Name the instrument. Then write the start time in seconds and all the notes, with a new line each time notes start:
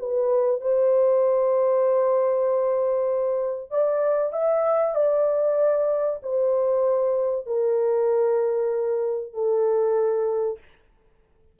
horn
0.00 B4
0.62 C5
3.71 D5
4.33 E5
4.95 D5
6.23 C5
7.47 A#4
9.34 A4